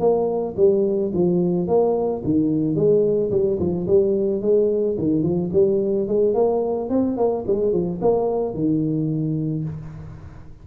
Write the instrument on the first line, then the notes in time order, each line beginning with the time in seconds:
tuba
0.00 A#3
0.57 G3
1.13 F3
1.67 A#3
2.24 D#3
2.75 G#3
3.31 G3
3.59 F3
3.87 G3
4.41 G#3
4.98 D#3
5.22 F3
5.52 G3
6.08 G#3
6.34 A#3
6.89 C4
7.17 A#3
7.47 G#3
7.73 F3
8.01 A#3
8.54 D#3